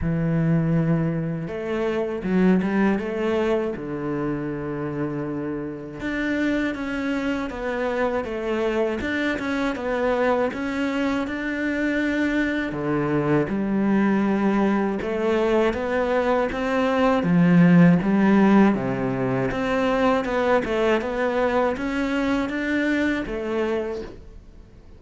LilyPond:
\new Staff \with { instrumentName = "cello" } { \time 4/4 \tempo 4 = 80 e2 a4 fis8 g8 | a4 d2. | d'4 cis'4 b4 a4 | d'8 cis'8 b4 cis'4 d'4~ |
d'4 d4 g2 | a4 b4 c'4 f4 | g4 c4 c'4 b8 a8 | b4 cis'4 d'4 a4 | }